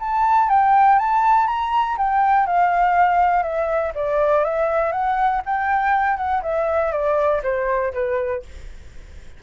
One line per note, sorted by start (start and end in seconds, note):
0.00 0.50 A5
0.50 0.99 G5
0.99 1.48 A5
1.48 1.97 A#5
1.98 2.47 G5
2.47 3.43 F5
3.43 3.93 E5
3.95 4.45 D5
4.45 4.92 E5
4.92 5.42 F#5
5.46 6.17 G5
6.17 6.42 F#5
6.43 6.92 E5
6.93 7.42 D5
7.44 7.93 C5
7.94 8.43 B4